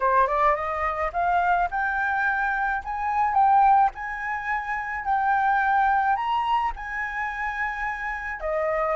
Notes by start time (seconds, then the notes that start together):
0.00 C5
0.27 D5
0.55 D#5
1.12 F5
1.70 G5
2.84 G#5
3.33 G5
3.94 G#5
5.04 G5
6.16 A#5
6.75 G#5
8.40 D#5